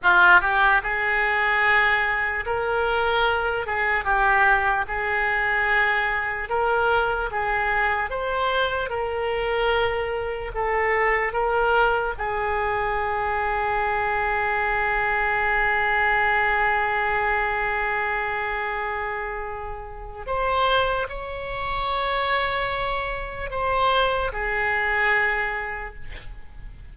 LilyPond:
\new Staff \with { instrumentName = "oboe" } { \time 4/4 \tempo 4 = 74 f'8 g'8 gis'2 ais'4~ | ais'8 gis'8 g'4 gis'2 | ais'4 gis'4 c''4 ais'4~ | ais'4 a'4 ais'4 gis'4~ |
gis'1~ | gis'1~ | gis'4 c''4 cis''2~ | cis''4 c''4 gis'2 | }